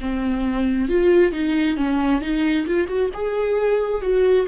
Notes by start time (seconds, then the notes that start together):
0.00 C4
0.89 F4
1.32 D#4
1.77 C#4
2.21 D#4
2.67 F4
2.87 F#4
3.13 G#4
4.01 F#4